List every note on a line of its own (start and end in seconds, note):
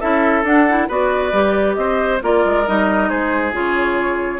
0.00 0.43 C#4
0.00 0.44 E4
0.00 0.87 A4
0.00 0.44 E5
0.43 0.87 D4
0.43 0.67 D4
0.43 0.89 F#5
0.68 0.89 E4
0.87 1.32 B3
0.87 1.32 F#4
0.87 1.76 B4
0.87 1.75 D5
1.32 1.76 G3
1.32 2.21 G4
1.75 2.20 C4
1.75 2.23 C5
1.75 2.19 D#5
2.21 2.44 A#3
2.21 2.65 F4
2.21 3.08 A#4
2.21 2.67 D5
2.45 2.67 G#3
2.66 3.11 G3
2.66 3.52 D#4
2.66 3.09 D#5
3.08 3.52 G#3
3.08 4.40 G#4
3.08 3.53 C5
3.52 4.40 C#3
3.52 4.40 F4
3.52 4.40 C#5